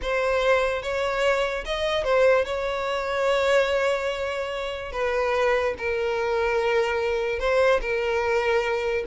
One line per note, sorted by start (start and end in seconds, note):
0.02 0.82 C5
0.82 1.64 C#5
1.65 2.03 D#5
2.03 2.45 C5
2.45 4.91 C#5
4.92 5.74 B4
5.78 7.39 A#4
7.39 7.80 C5
7.81 9.04 A#4